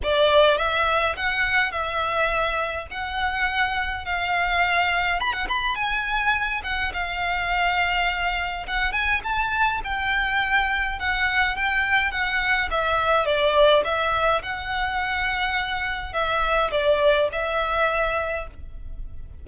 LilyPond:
\new Staff \with { instrumentName = "violin" } { \time 4/4 \tempo 4 = 104 d''4 e''4 fis''4 e''4~ | e''4 fis''2 f''4~ | f''4 b''16 fis''16 b''8 gis''4. fis''8 | f''2. fis''8 gis''8 |
a''4 g''2 fis''4 | g''4 fis''4 e''4 d''4 | e''4 fis''2. | e''4 d''4 e''2 | }